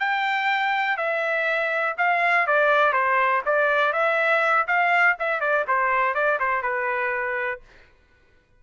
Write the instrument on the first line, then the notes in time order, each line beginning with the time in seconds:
trumpet
0.00 G5
0.97 E5
1.98 F5
2.47 D5
2.93 C5
3.46 D5
3.93 E5
4.68 F5
5.20 E5
5.41 D5
5.68 C5
6.15 D5
6.40 C5
6.63 B4